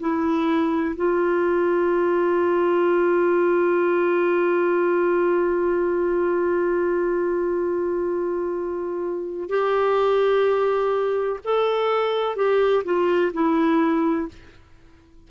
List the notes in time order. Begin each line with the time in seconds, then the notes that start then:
0.00 E4
0.96 F4
9.49 G4
11.45 A4
12.36 G4
12.84 F4
13.33 E4